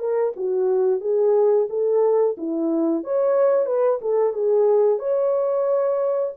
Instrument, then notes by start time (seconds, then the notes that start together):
horn
0.00 A#4
0.37 F#4
1.01 G#4
1.70 A4
2.38 E4
3.04 C#5
3.66 B4
4.02 A4
4.33 G#4
5.00 C#5